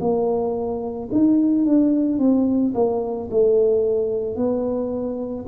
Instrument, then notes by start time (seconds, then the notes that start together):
tuba
0.00 A#3
1.12 D#4
1.65 D4
2.19 C4
2.74 A#3
3.31 A3
4.36 B3